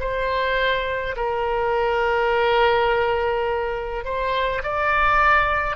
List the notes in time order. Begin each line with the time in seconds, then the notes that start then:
0.00 C5
1.16 A#4
4.04 C5
4.63 D5